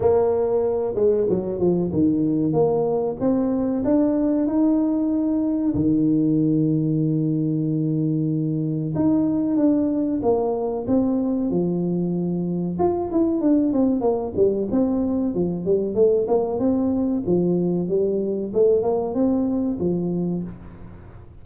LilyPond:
\new Staff \with { instrumentName = "tuba" } { \time 4/4 \tempo 4 = 94 ais4. gis8 fis8 f8 dis4 | ais4 c'4 d'4 dis'4~ | dis'4 dis2.~ | dis2 dis'4 d'4 |
ais4 c'4 f2 | f'8 e'8 d'8 c'8 ais8 g8 c'4 | f8 g8 a8 ais8 c'4 f4 | g4 a8 ais8 c'4 f4 | }